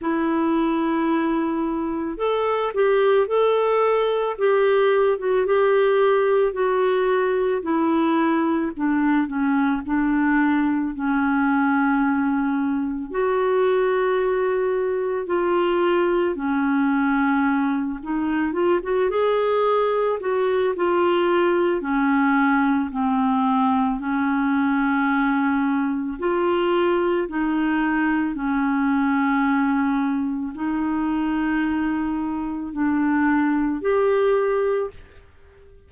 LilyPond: \new Staff \with { instrumentName = "clarinet" } { \time 4/4 \tempo 4 = 55 e'2 a'8 g'8 a'4 | g'8. fis'16 g'4 fis'4 e'4 | d'8 cis'8 d'4 cis'2 | fis'2 f'4 cis'4~ |
cis'8 dis'8 f'16 fis'16 gis'4 fis'8 f'4 | cis'4 c'4 cis'2 | f'4 dis'4 cis'2 | dis'2 d'4 g'4 | }